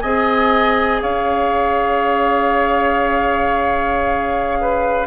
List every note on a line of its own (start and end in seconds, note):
0.00 1.02 C4
0.00 5.06 G#4
0.00 1.02 D#5
0.00 1.02 G#5
1.02 5.06 C#4
1.02 4.58 C#5
1.02 5.06 F5
4.61 5.06 B4